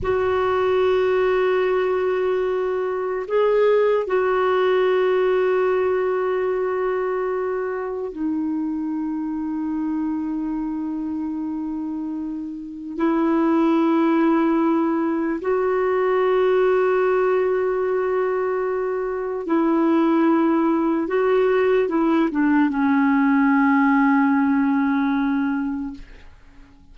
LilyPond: \new Staff \with { instrumentName = "clarinet" } { \time 4/4 \tempo 4 = 74 fis'1 | gis'4 fis'2.~ | fis'2 dis'2~ | dis'1 |
e'2. fis'4~ | fis'1 | e'2 fis'4 e'8 d'8 | cis'1 | }